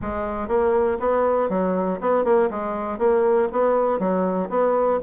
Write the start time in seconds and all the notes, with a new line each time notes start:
0.01 G#3
0.48 A#3
0.99 B3
1.49 F#3
2.00 B3
2.24 A#3
2.50 G#3
2.98 A#3
3.52 B3
3.99 F#3
4.49 B3